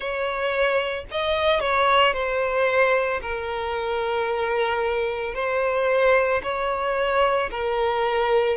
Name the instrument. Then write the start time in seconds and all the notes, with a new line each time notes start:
violin
0.00 C#5
1.11 D#5
1.60 C#5
2.13 C5
3.21 A#4
5.34 C5
6.42 C#5
7.50 A#4